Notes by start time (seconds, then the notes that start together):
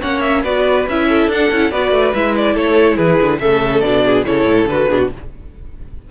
0.00 A#3 C#4 C#5 F#5
0.21 E5
0.43 B3 F#4 B4 D5
0.88 C#4 E4 E5
1.08 A4
1.27 D4 F#5
1.50 C#4 E4
1.71 B3 F#4 B4 D5
1.91 A3
2.14 G#3 E4 E5
2.36 D5
2.54 A3 A4 C#5
2.96 E3 G#4 B4
3.21 D3
3.39 C#3 A3 A4 E5
3.80 B2 D4 D5
4.05 G#4
4.25 C#3 E4 A4 C#5
4.44 A2
4.65 D3 B4
4.71 F#4
4.89 B2 D4 G#4
4.98 F#4